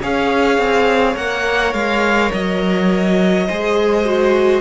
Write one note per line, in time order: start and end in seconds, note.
0.00 0.57 C#4
0.00 1.16 G#4
0.00 3.46 C#5
0.00 1.16 F5
0.57 1.15 C4
1.16 1.73 A#3
1.16 3.46 A#4
1.16 1.73 F#5
1.73 2.31 G#3
1.73 2.31 F5
2.33 3.48 F#3
2.33 4.61 D#5
3.46 4.61 G#3
3.46 4.05 G#4
3.46 4.61 C5
4.05 4.61 F#4